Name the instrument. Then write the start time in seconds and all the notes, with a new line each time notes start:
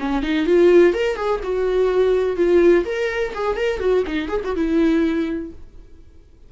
viola
0.00 C#4
0.23 D#4
0.46 F4
0.94 A#4
1.16 G#4
1.44 F#4
2.37 F4
2.85 A#4
3.34 G#4
3.57 A#4
3.79 F#4
4.07 D#4
4.29 G#4
4.44 F#4
4.56 E4